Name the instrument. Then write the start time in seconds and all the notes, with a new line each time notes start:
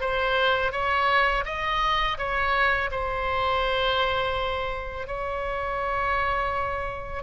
oboe
0.00 C5
0.72 C#5
1.45 D#5
2.18 C#5
2.91 C5
5.07 C#5